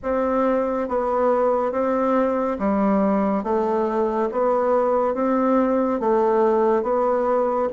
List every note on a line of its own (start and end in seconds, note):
0.02 0.88 C4
0.88 1.71 B3
1.71 2.57 C4
2.58 3.43 G3
3.43 4.29 A3
4.31 5.14 B3
5.14 6.00 C4
6.00 6.83 A3
6.83 7.68 B3